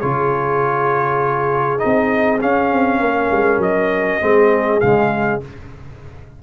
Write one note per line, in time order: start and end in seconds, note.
0.00 1.83 C#3
0.00 1.78 F4
0.00 3.00 G#4
0.00 1.79 C#5
1.78 2.38 D#4
1.78 2.39 D#5
1.85 2.42 C4
2.40 4.20 C#4
2.40 2.72 C#4
2.40 3.62 F5
2.73 3.00 C4
3.00 3.30 A#3
3.00 4.22 A#4
3.31 3.58 G#3
3.58 4.18 F#3
3.58 4.80 D#5
4.21 4.82 G#3
4.21 4.80 C4
4.21 5.42 G#4
4.80 5.43 C#3
4.80 5.42 G#3
4.80 5.40 F5